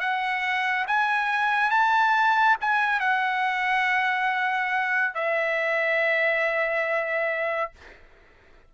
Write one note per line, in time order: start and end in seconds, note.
0.00 0.86 F#5
0.88 1.71 G#5
1.71 2.56 A5
2.61 3.00 G#5
3.00 5.14 F#5
5.15 7.72 E5